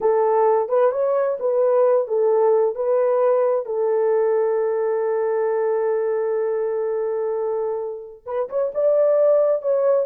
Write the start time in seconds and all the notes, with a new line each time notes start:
0.00 A4
0.68 B4
0.91 C#5
1.39 B4
2.07 A4
2.75 B4
3.65 A4
8.25 B4
8.49 C#5
8.74 D5
9.61 C#5